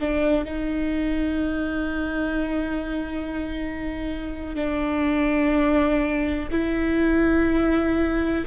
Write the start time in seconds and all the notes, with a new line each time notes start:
0.00 D4
0.44 D#4
4.55 D4
6.51 E4